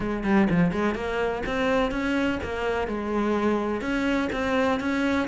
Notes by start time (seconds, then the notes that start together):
0.00 G#3
0.23 G3
0.50 F3
0.71 G#3
0.94 A#3
1.46 C4
1.91 C#4
2.43 A#3
2.87 G#3
3.81 C#4
4.32 C4
4.79 C#4